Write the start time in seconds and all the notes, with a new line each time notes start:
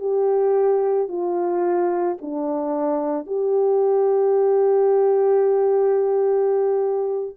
0.00 G4
1.09 F4
2.22 D4
3.27 G4